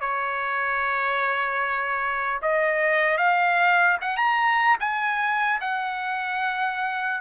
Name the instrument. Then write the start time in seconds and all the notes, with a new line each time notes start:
trumpet
0.00 C#5
2.42 D#5
3.17 F5
4.01 F#5
4.16 A#5
4.80 G#5
5.60 F#5